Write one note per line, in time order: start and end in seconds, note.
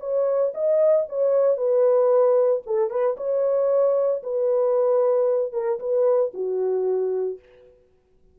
0.00 0.53 C#5
0.54 1.07 D#5
1.09 1.57 C#5
1.57 2.63 B4
2.66 2.90 A4
2.90 3.17 B4
3.17 4.22 C#5
4.23 5.53 B4
5.53 5.79 A#4
5.80 6.32 B4
6.34 7.39 F#4